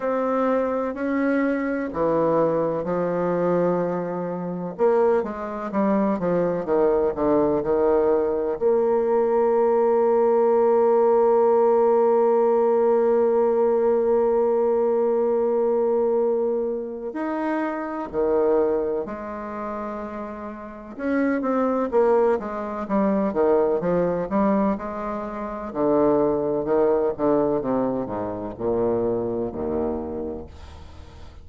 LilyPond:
\new Staff \with { instrumentName = "bassoon" } { \time 4/4 \tempo 4 = 63 c'4 cis'4 e4 f4~ | f4 ais8 gis8 g8 f8 dis8 d8 | dis4 ais2.~ | ais1~ |
ais2 dis'4 dis4 | gis2 cis'8 c'8 ais8 gis8 | g8 dis8 f8 g8 gis4 d4 | dis8 d8 c8 gis,8 ais,4 dis,4 | }